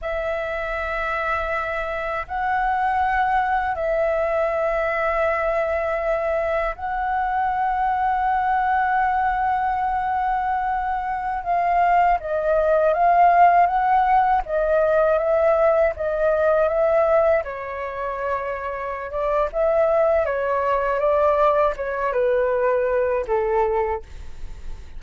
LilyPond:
\new Staff \with { instrumentName = "flute" } { \time 4/4 \tempo 4 = 80 e''2. fis''4~ | fis''4 e''2.~ | e''4 fis''2.~ | fis''2.~ fis''16 f''8.~ |
f''16 dis''4 f''4 fis''4 dis''8.~ | dis''16 e''4 dis''4 e''4 cis''8.~ | cis''4. d''8 e''4 cis''4 | d''4 cis''8 b'4. a'4 | }